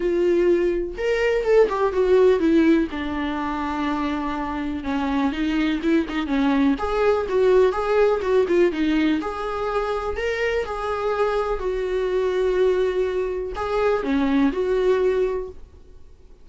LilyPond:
\new Staff \with { instrumentName = "viola" } { \time 4/4 \tempo 4 = 124 f'2 ais'4 a'8 g'8 | fis'4 e'4 d'2~ | d'2 cis'4 dis'4 | e'8 dis'8 cis'4 gis'4 fis'4 |
gis'4 fis'8 f'8 dis'4 gis'4~ | gis'4 ais'4 gis'2 | fis'1 | gis'4 cis'4 fis'2 | }